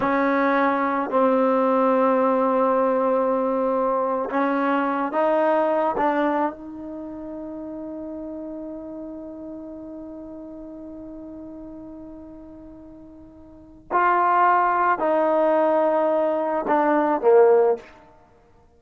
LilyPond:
\new Staff \with { instrumentName = "trombone" } { \time 4/4 \tempo 4 = 108 cis'2 c'2~ | c'2.~ c'8. cis'16~ | cis'4~ cis'16 dis'4. d'4 dis'16~ | dis'1~ |
dis'1~ | dis'1~ | dis'4 f'2 dis'4~ | dis'2 d'4 ais4 | }